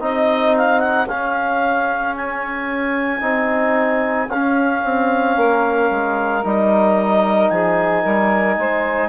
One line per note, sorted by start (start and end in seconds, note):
0.00 1.08 C4
0.00 1.07 D#4
0.00 5.37 G#4
0.00 0.56 D#5
0.57 0.80 F5
0.80 1.06 F#5
1.08 3.21 C#4
1.08 2.15 F5
2.17 4.29 G#5
3.21 4.28 C4
3.21 4.28 D#4
4.29 4.83 C#4
4.29 6.44 C#4
4.29 6.44 F5
4.84 5.37 C4
5.37 5.90 A#3
5.37 7.51 A#4
5.91 6.44 G#3
6.44 7.50 G3
6.44 9.09 D#4
6.44 7.50 D#5
7.50 8.04 F3
7.50 8.02 G#4
7.50 9.09 G#5
8.02 8.57 G3
8.02 8.56 A#4
8.57 9.09 G#3
8.57 9.09 C5